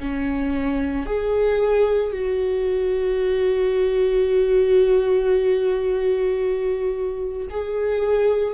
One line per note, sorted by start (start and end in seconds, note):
0.00 1.06 C#4
1.06 2.12 G#4
2.12 7.48 F#4
7.50 8.54 G#4